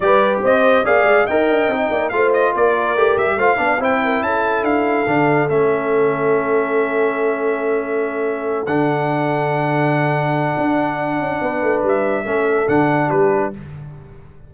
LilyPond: <<
  \new Staff \with { instrumentName = "trumpet" } { \time 4/4 \tempo 4 = 142 d''4 dis''4 f''4 g''4~ | g''4 f''8 dis''8 d''4. e''8 | f''4 g''4 a''4 f''4~ | f''4 e''2.~ |
e''1~ | e''8 fis''2.~ fis''8~ | fis''1 | e''2 fis''4 b'4 | }
  \new Staff \with { instrumentName = "horn" } { \time 4/4 b'4 c''4 d''4 dis''4~ | dis''8 d''8 c''4 ais'2 | c''8 d''8 c''8 ais'8 a'2~ | a'1~ |
a'1~ | a'1~ | a'2. b'4~ | b'4 a'2 g'4 | }
  \new Staff \with { instrumentName = "trombone" } { \time 4/4 g'2 gis'4 ais'4 | dis'4 f'2 g'4 | f'8 d'8 e'2. | d'4 cis'2.~ |
cis'1~ | cis'8 d'2.~ d'8~ | d'1~ | d'4 cis'4 d'2 | }
  \new Staff \with { instrumentName = "tuba" } { \time 4/4 g4 c'4 ais8 gis8 dis'8 d'8 | c'8 ais8 a4 ais4 a8 g8 | a8 b8 c'4 cis'4 d'4 | d4 a2.~ |
a1~ | a8 d2.~ d8~ | d4 d'4. cis'8 b8 a8 | g4 a4 d4 g4 | }
>>